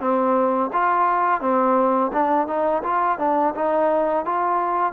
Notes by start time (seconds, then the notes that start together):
0.00 C4
0.73 F4
1.41 C4
2.13 D4
2.47 D#4
2.83 F4
3.19 D4
3.55 D#4
4.25 F4